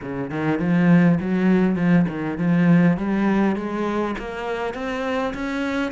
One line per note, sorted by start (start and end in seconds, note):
0.01 0.30 C#3
0.30 0.59 D#3
0.59 1.18 F3
1.20 1.75 F#3
1.75 2.05 F3
2.08 2.38 D#3
2.38 2.97 F3
2.97 3.56 G3
3.56 4.15 G#3
4.18 4.74 A#3
4.74 5.33 C4
5.34 5.91 C#4